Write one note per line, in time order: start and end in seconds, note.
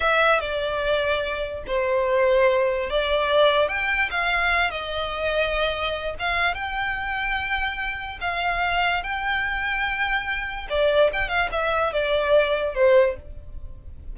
0.00 0.40 E5
0.40 1.63 D5
1.66 2.90 C5
2.90 3.68 D5
3.68 4.09 G5
4.10 4.71 F5
4.71 6.14 D#5
6.19 6.54 F5
6.54 8.19 G5
8.21 9.03 F5
9.03 10.67 G5
10.69 11.11 D5
11.13 11.28 G5
11.28 11.49 F5
11.51 11.92 E5
11.92 12.74 D5
12.74 13.15 C5